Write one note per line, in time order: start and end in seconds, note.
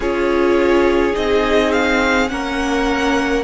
0.00 1.14 C#4
0.00 1.13 F4
0.00 2.31 G#4
0.00 1.15 C#5
1.13 2.31 C4
1.13 2.28 D#4
1.13 1.72 D#5
1.72 2.28 F5
2.28 3.44 A#3
2.28 3.44 C#4
2.28 3.44 A#4
2.28 3.44 F#5